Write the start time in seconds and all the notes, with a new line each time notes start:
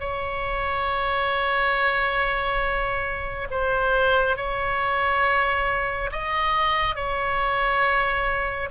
0.00 C#5
3.51 C5
4.36 C#5
6.12 D#5
6.95 C#5